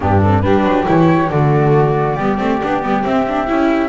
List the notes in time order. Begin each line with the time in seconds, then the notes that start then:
0.00 G2 B3 D4 G4
0.22 C4 A4
0.40 G3 D4 G4 B4
0.64 F#3
0.86 E3 E4 C#5
1.29 D3 A3 F#4 D5
2.16 G3 B3 G4
2.37 A3 C4
2.62 B3 D4
2.82 G3 B3
3.02 C4 E5
3.27 D4
3.46 C#4 E4